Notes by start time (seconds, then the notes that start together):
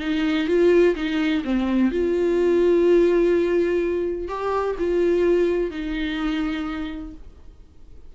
0.00 D#4
0.48 F4
0.96 D#4
1.44 C4
1.92 F4
4.28 G4
4.79 F4
5.71 D#4